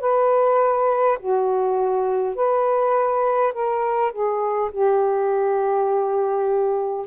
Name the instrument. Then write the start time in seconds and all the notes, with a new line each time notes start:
saxophone
0.00 B4
1.19 F#4
2.35 B4
3.52 A#4
4.11 G#4
4.71 G4